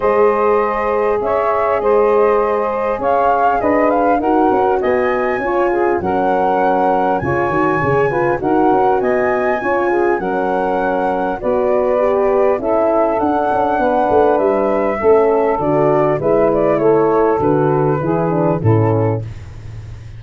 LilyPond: <<
  \new Staff \with { instrumentName = "flute" } { \time 4/4 \tempo 4 = 100 dis''2 e''4 dis''4~ | dis''4 f''4 dis''8 f''8 fis''4 | gis''2 fis''2 | gis''2 fis''4 gis''4~ |
gis''4 fis''2 d''4~ | d''4 e''4 fis''2 | e''2 d''4 e''8 d''8 | cis''4 b'2 a'4 | }
  \new Staff \with { instrumentName = "saxophone" } { \time 4/4 c''2 cis''4 c''4~ | c''4 cis''4 b'4 ais'4 | dis''4 cis''8 gis'8 ais'2 | cis''4. b'8 ais'4 dis''4 |
cis''8 gis'8 ais'2 b'4~ | b'4 a'2 b'4~ | b'4 a'2 b'4 | a'2 gis'4 e'4 | }
  \new Staff \with { instrumentName = "horn" } { \time 4/4 gis'1~ | gis'2. fis'4~ | fis'4 f'4 cis'2 | f'8 fis'8 gis'8 f'8 fis'2 |
f'4 cis'2 fis'4 | g'4 e'4 d'2~ | d'4 cis'4 fis'4 e'4~ | e'4 fis'4 e'8 d'8 cis'4 | }
  \new Staff \with { instrumentName = "tuba" } { \time 4/4 gis2 cis'4 gis4~ | gis4 cis'4 d'4 dis'8 cis'8 | b4 cis'4 fis2 | cis8 dis8 cis4 dis'8 cis'8 b4 |
cis'4 fis2 b4~ | b4 cis'4 d'8 cis'8 b8 a8 | g4 a4 d4 gis4 | a4 d4 e4 a,4 | }
>>